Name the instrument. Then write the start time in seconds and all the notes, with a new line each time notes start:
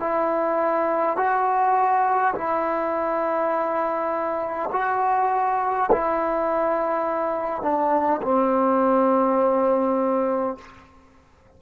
trombone
0.00 E4
1.17 F#4
2.35 E4
4.73 F#4
5.92 E4
7.63 D4
8.22 C4